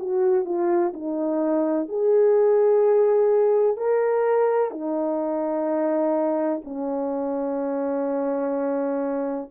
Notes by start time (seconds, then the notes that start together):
0.00 F#4
0.45 F4
0.94 D#4
1.89 G#4
3.77 A#4
4.71 D#4
6.65 C#4